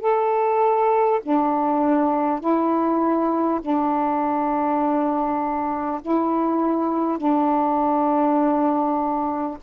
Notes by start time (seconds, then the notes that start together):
0.00 A4
1.22 D4
2.40 E4
3.61 D4
6.01 E4
7.17 D4